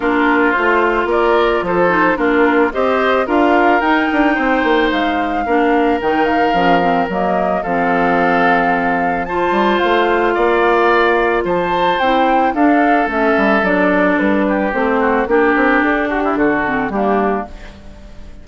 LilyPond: <<
  \new Staff \with { instrumentName = "flute" } { \time 4/4 \tempo 4 = 110 ais'4 c''4 d''4 c''4 | ais'4 dis''4 f''4 g''4~ | g''4 f''2 g''8 f''8~ | f''4 dis''4 f''2~ |
f''4 a''4 f''2~ | f''4 a''4 g''4 f''4 | e''4 d''4 b'4 c''4 | ais'4 a'8 g'8 a'4 g'4 | }
  \new Staff \with { instrumentName = "oboe" } { \time 4/4 f'2 ais'4 a'4 | f'4 c''4 ais'2 | c''2 ais'2~ | ais'2 a'2~ |
a'4 c''2 d''4~ | d''4 c''2 a'4~ | a'2~ a'8 g'4 fis'8 | g'4. fis'16 e'16 fis'4 d'4 | }
  \new Staff \with { instrumentName = "clarinet" } { \time 4/4 d'4 f'2~ f'8 dis'8 | d'4 g'4 f'4 dis'4~ | dis'2 d'4 dis'4 | cis'8 c'8 ais4 c'2~ |
c'4 f'2.~ | f'2 e'4 d'4 | cis'4 d'2 c'4 | d'2~ d'8 c'8 ais4 | }
  \new Staff \with { instrumentName = "bassoon" } { \time 4/4 ais4 a4 ais4 f4 | ais4 c'4 d'4 dis'8 d'8 | c'8 ais8 gis4 ais4 dis4 | f4 fis4 f2~ |
f4. g8 a4 ais4~ | ais4 f4 c'4 d'4 | a8 g8 fis4 g4 a4 | ais8 c'8 d'4 d4 g4 | }
>>